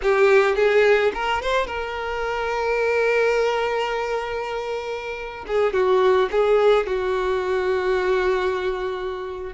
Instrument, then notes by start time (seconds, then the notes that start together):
violin
0.02 G4
0.55 G#4
1.14 A#4
1.42 C5
1.66 A#4
5.47 G#4
5.73 F#4
6.31 G#4
6.86 F#4